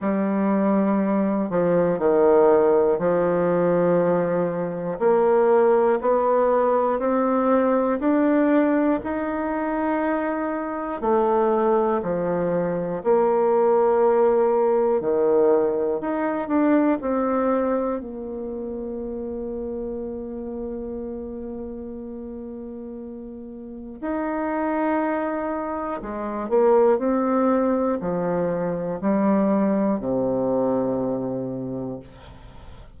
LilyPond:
\new Staff \with { instrumentName = "bassoon" } { \time 4/4 \tempo 4 = 60 g4. f8 dis4 f4~ | f4 ais4 b4 c'4 | d'4 dis'2 a4 | f4 ais2 dis4 |
dis'8 d'8 c'4 ais2~ | ais1 | dis'2 gis8 ais8 c'4 | f4 g4 c2 | }